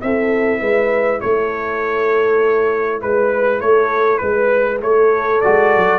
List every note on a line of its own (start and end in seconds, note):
0.00 0.61 C4
0.00 5.40 E4
0.00 0.60 A4
0.00 1.21 E5
0.60 1.21 G#3
0.60 1.20 B4
1.21 3.03 A3
1.21 3.02 A4
1.21 3.01 C#5
3.02 3.61 G#3
3.02 3.61 B4
3.02 3.62 B4
3.61 4.21 A3
3.61 4.21 A4
3.61 4.18 C#5
4.18 4.82 G#3
4.18 4.78 B4
4.18 4.82 B4
4.82 5.42 A3
4.82 5.99 A4
4.82 5.41 C#5
5.41 5.76 G#3
5.41 5.99 F#4
5.41 5.99 D5
5.76 5.99 F#3